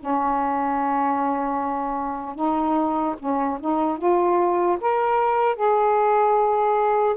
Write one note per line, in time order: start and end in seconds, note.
0.00 2.36 C#4
2.36 3.16 D#4
3.19 3.59 C#4
3.61 3.99 D#4
3.99 4.79 F4
4.81 5.56 A#4
5.56 7.16 G#4